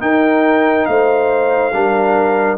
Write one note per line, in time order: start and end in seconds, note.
0.00 1.71 D#4
0.00 0.86 D#4
0.00 0.88 A#4
0.00 0.86 G5
0.86 1.74 A3
0.86 1.74 C5
0.86 2.57 F5
1.74 2.57 G3
1.74 2.57 D4
1.74 2.57 A#4